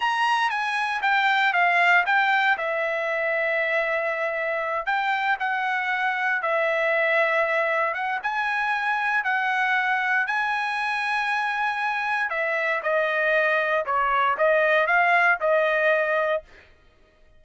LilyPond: \new Staff \with { instrumentName = "trumpet" } { \time 4/4 \tempo 4 = 117 ais''4 gis''4 g''4 f''4 | g''4 e''2.~ | e''4. g''4 fis''4.~ | fis''8 e''2. fis''8 |
gis''2 fis''2 | gis''1 | e''4 dis''2 cis''4 | dis''4 f''4 dis''2 | }